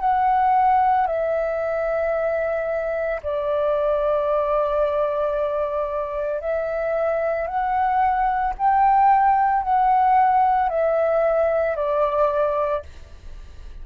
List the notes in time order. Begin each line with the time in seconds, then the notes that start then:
0.00 F#5
1.07 E5
3.23 D5
6.41 E5
7.47 F#5
8.58 G5
9.63 F#5
10.69 E5
11.76 D5